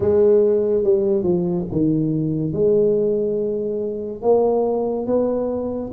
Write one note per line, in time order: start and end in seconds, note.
0.00 0.83 G#3
0.83 1.23 G3
1.23 1.65 F3
1.71 2.52 D#3
2.52 4.21 G#3
4.22 5.06 A#3
5.06 5.91 B3